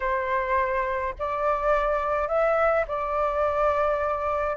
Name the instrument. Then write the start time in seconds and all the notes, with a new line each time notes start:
flute
0.00 C5
1.18 D5
2.28 E5
2.87 D5